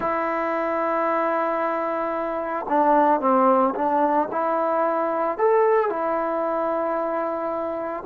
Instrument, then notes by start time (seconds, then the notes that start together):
trombone
0.00 E4
2.68 D4
3.20 C4
3.75 D4
4.31 E4
5.38 A4
5.89 E4